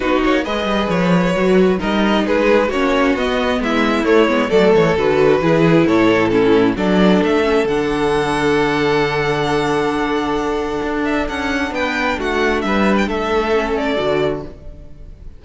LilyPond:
<<
  \new Staff \with { instrumentName = "violin" } { \time 4/4 \tempo 4 = 133 b'8 cis''8 dis''4 cis''2 | dis''4 b'4 cis''4 dis''4 | e''4 cis''4 d''8 cis''8 b'4~ | b'4 cis''4 a'4 d''4 |
e''4 fis''2.~ | fis''1~ | fis''8 e''8 fis''4 g''4 fis''4 | e''8. g''16 e''4. d''4. | }
  \new Staff \with { instrumentName = "violin" } { \time 4/4 fis'4 b'2. | ais'4 gis'4 fis'2 | e'2 a'2 | gis'4 a'4 e'4 a'4~ |
a'1~ | a'1~ | a'2 b'4 fis'4 | b'4 a'2. | }
  \new Staff \with { instrumentName = "viola" } { \time 4/4 dis'4 gis'2 fis'4 | dis'2 cis'4 b4~ | b4 a8 b8 a4 fis'4 | e'2 cis'4 d'4~ |
d'8 cis'8 d'2.~ | d'1~ | d'1~ | d'2 cis'4 fis'4 | }
  \new Staff \with { instrumentName = "cello" } { \time 4/4 b8 ais8 gis8 g8 f4 fis4 | g4 gis4 ais4 b4 | gis4 a8 gis8 fis8 e8 d4 | e4 a,2 fis4 |
a4 d2.~ | d1 | d'4 cis'4 b4 a4 | g4 a2 d4 | }
>>